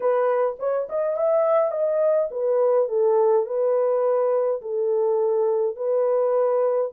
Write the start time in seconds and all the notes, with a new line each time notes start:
0.00 B4
0.59 C#5
0.89 D#5
1.16 E5
1.71 D#5
2.31 B4
2.88 A4
3.46 B4
4.61 A4
5.76 B4